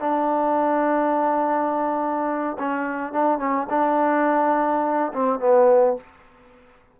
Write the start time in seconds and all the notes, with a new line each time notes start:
0.00 D4
2.58 C#4
3.12 D4
3.38 C#4
3.69 D4
5.13 C4
5.39 B3